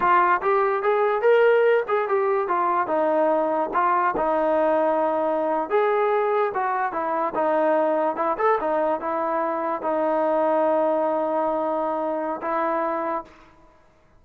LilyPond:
\new Staff \with { instrumentName = "trombone" } { \time 4/4 \tempo 4 = 145 f'4 g'4 gis'4 ais'4~ | ais'8 gis'8 g'4 f'4 dis'4~ | dis'4 f'4 dis'2~ | dis'4.~ dis'16 gis'2 fis'16~ |
fis'8. e'4 dis'2 e'16~ | e'16 a'8 dis'4 e'2 dis'16~ | dis'1~ | dis'2 e'2 | }